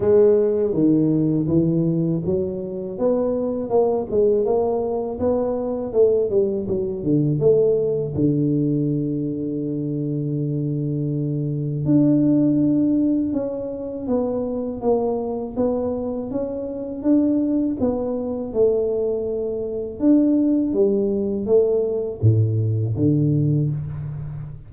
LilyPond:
\new Staff \with { instrumentName = "tuba" } { \time 4/4 \tempo 4 = 81 gis4 dis4 e4 fis4 | b4 ais8 gis8 ais4 b4 | a8 g8 fis8 d8 a4 d4~ | d1 |
d'2 cis'4 b4 | ais4 b4 cis'4 d'4 | b4 a2 d'4 | g4 a4 a,4 d4 | }